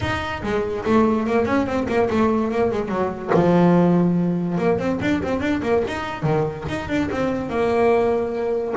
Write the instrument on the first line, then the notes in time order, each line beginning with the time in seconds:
double bass
0.00 D#4
0.42 G#3
0.84 A3
1.26 A#3
1.45 C#4
1.66 C4
1.88 A#3
2.10 A3
2.51 A#3
2.71 G#3
2.88 F#3
3.34 F3
4.57 A#3
4.78 C4
5.01 D4
5.23 C4
5.40 D4
5.62 A#3
5.87 D#4
6.22 D#3
6.68 D#4
6.89 D4
7.11 C4
7.49 A#3